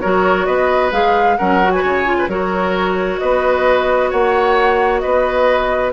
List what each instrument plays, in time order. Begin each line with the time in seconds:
0.00 bassoon F#3, clarinet F#4, oboe A#4, flute C#5
0.45 bassoon B3, oboe B4, flute D#5
0.91 bassoon G#3, clarinet G#4, flute F5
1.37 bassoon F#3, clarinet C#4, oboe A#4, flute F#5
1.62 clarinet F#4
1.71 oboe B4, flute G#5
1.83 bassoon C#3, oboe C#5
2.05 clarinet F4
2.18 oboe B4
2.27 bassoon F#3, clarinet F#4, oboe A#4, flute C#5
3.18 bassoon B3, oboe B4, flute D#5
4.10 bassoon A#3, oboe C#5, flute F#5
4.99 bassoon B3, oboe B4, flute D#5